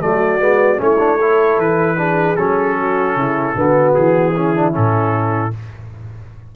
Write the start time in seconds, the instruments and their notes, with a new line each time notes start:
0.00 tuba F#3, trombone A3, horn F#4, trumpet D5
0.39 tuba G#3, trombone B3
0.77 tuba A3, trombone C#4, horn E4
0.83 trumpet C#5
0.99 trombone D4
1.17 trombone E4, horn A4
1.57 tuba E3, trumpet B4
1.97 trombone D4, horn G#4
2.36 tuba F#3, trombone C#4, trumpet A4
2.80 horn F#4
3.15 tuba C#3, horn E4
3.55 tuba D3, trombone B3, horn F#4
3.94 tuba E3, trumpet G#4
4.35 trombone C#4, horn E4
4.55 trombone D4
4.72 tuba A2, trombone C#4, trumpet A4